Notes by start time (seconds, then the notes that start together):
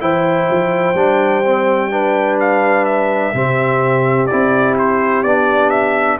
0.00 E3 E4 C5 G5
0.50 F3
0.94 G3 D4
1.44 C4
1.91 D4 B4
2.40 F5
2.85 E5
3.34 C3 C4 G4
4.27 C4 E4 D5
4.79 C5
5.23 B3 D4 D5
5.70 E5